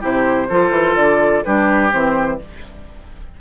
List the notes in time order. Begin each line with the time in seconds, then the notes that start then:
0.00 C3 E4 G4 C5
0.49 F3 F4 A4
0.70 E3
0.95 D3 D5
1.44 G3 D4 G4 B4
1.91 E3 C4 C5